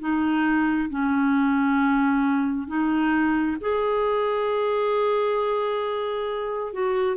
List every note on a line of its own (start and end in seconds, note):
0.00 0.90 D#4
0.90 2.68 C#4
2.68 3.57 D#4
3.61 6.73 G#4
6.73 7.17 F#4